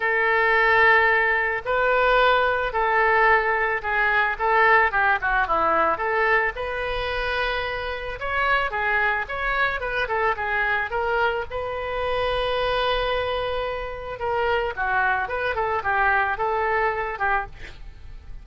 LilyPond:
\new Staff \with { instrumentName = "oboe" } { \time 4/4 \tempo 4 = 110 a'2. b'4~ | b'4 a'2 gis'4 | a'4 g'8 fis'8 e'4 a'4 | b'2. cis''4 |
gis'4 cis''4 b'8 a'8 gis'4 | ais'4 b'2.~ | b'2 ais'4 fis'4 | b'8 a'8 g'4 a'4. g'8 | }